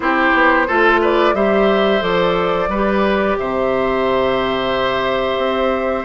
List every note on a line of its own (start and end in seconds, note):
0.00 0.30 C4
0.00 0.67 E4
0.00 0.67 G4
0.00 1.01 C5
0.34 0.67 B3
0.67 1.34 A3
0.67 1.34 F4
0.67 1.00 A4
1.01 1.34 B4
1.01 1.35 D5
1.34 2.01 G3
1.34 2.00 G4
1.34 2.69 C5
1.34 2.02 E5
2.00 2.68 F3
2.00 2.67 A4
2.00 3.37 D5
2.68 3.35 G3
2.68 6.05 G4
2.68 3.37 B4
3.38 5.37 C3
3.38 6.05 C5
3.38 6.05 E5
5.37 6.04 C4